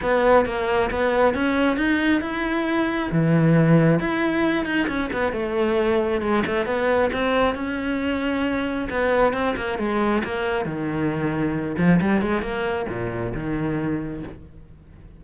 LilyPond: \new Staff \with { instrumentName = "cello" } { \time 4/4 \tempo 4 = 135 b4 ais4 b4 cis'4 | dis'4 e'2 e4~ | e4 e'4. dis'8 cis'8 b8 | a2 gis8 a8 b4 |
c'4 cis'2. | b4 c'8 ais8 gis4 ais4 | dis2~ dis8 f8 g8 gis8 | ais4 ais,4 dis2 | }